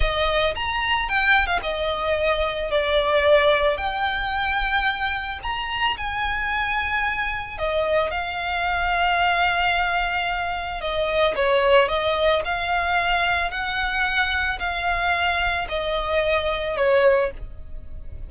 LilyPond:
\new Staff \with { instrumentName = "violin" } { \time 4/4 \tempo 4 = 111 dis''4 ais''4 g''8. f''16 dis''4~ | dis''4 d''2 g''4~ | g''2 ais''4 gis''4~ | gis''2 dis''4 f''4~ |
f''1 | dis''4 cis''4 dis''4 f''4~ | f''4 fis''2 f''4~ | f''4 dis''2 cis''4 | }